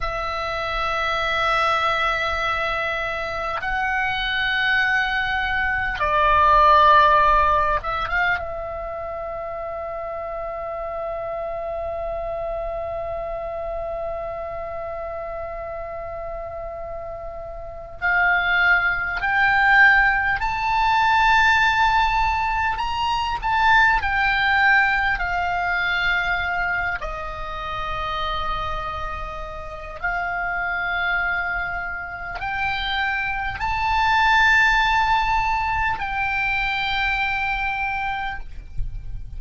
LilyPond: \new Staff \with { instrumentName = "oboe" } { \time 4/4 \tempo 4 = 50 e''2. fis''4~ | fis''4 d''4. e''16 f''16 e''4~ | e''1~ | e''2. f''4 |
g''4 a''2 ais''8 a''8 | g''4 f''4. dis''4.~ | dis''4 f''2 g''4 | a''2 g''2 | }